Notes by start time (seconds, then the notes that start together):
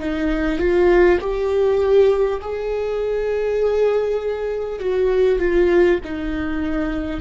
0.00 D#4
0.59 F4
1.21 G4
2.41 G#4
4.79 F#4
5.39 F4
6.04 D#4